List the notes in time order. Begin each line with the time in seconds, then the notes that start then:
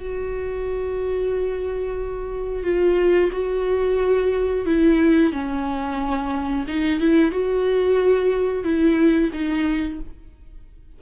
0.00 F#4
2.64 F4
3.33 F#4
4.66 E4
5.32 C#4
6.68 D#4
7.01 E4
7.32 F#4
8.64 E4
9.33 D#4